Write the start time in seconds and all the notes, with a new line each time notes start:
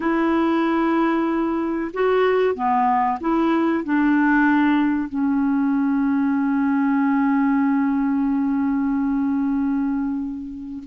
0.00 E4
1.93 F#4
2.54 B3
3.20 E4
3.84 D4
5.08 C#4